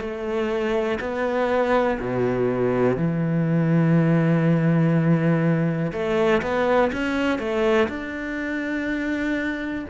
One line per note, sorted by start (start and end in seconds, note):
0.00 0.98 A3
1.00 1.98 B3
2.00 2.97 B2
2.97 5.92 E3
5.92 6.42 A3
6.42 6.91 B3
6.92 7.39 C#4
7.39 7.88 A3
7.88 9.85 D4